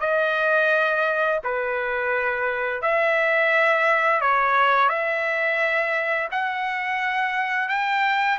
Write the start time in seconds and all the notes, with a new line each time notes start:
0.00 D#5
1.44 B4
2.82 E5
4.21 C#5
4.89 E5
6.31 F#5
7.69 G5